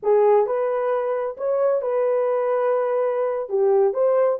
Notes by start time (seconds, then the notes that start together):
0.02 G#4
0.46 B4
1.37 C#5
1.81 B4
3.49 G4
3.93 C5